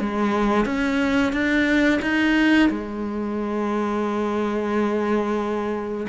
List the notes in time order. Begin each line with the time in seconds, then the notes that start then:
0.00 G#3
0.66 C#4
1.33 D4
2.02 D#4
2.70 G#3